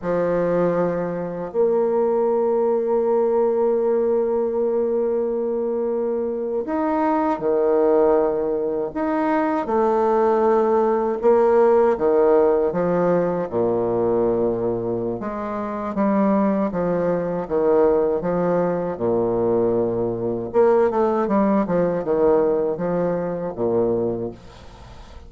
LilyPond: \new Staff \with { instrumentName = "bassoon" } { \time 4/4 \tempo 4 = 79 f2 ais2~ | ais1~ | ais8. dis'4 dis2 dis'16~ | dis'8. a2 ais4 dis16~ |
dis8. f4 ais,2~ ais,16 | gis4 g4 f4 dis4 | f4 ais,2 ais8 a8 | g8 f8 dis4 f4 ais,4 | }